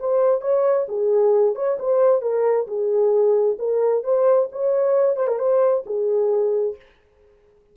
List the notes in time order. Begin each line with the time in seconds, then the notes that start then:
0.00 C5
0.42 C#5
0.89 G#4
1.55 C#5
1.79 C5
2.22 A#4
2.67 G#4
3.59 A#4
4.04 C5
4.52 C#5
5.17 C5
5.28 A#4
5.39 C5
5.86 G#4